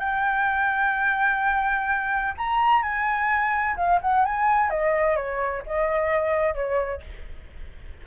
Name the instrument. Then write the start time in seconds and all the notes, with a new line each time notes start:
flute
0.00 G5
2.38 A#5
2.83 G#5
3.77 F5
4.02 F#5
4.26 G#5
4.70 D#5
5.16 C#5
5.67 D#5
6.55 C#5